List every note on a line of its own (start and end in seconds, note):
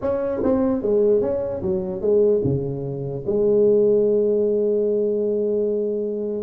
0.01 0.41 C#4
0.43 0.82 C4
0.82 1.21 G#3
1.21 1.61 C#4
1.62 2.01 F#3
2.01 2.41 G#3
2.43 3.24 C#3
3.26 6.43 G#3